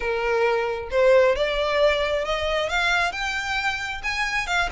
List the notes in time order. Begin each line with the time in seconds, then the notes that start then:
0.00 A#4
0.90 C5
1.35 D5
2.24 D#5
2.69 F5
3.12 G5
4.03 G#5
4.47 F5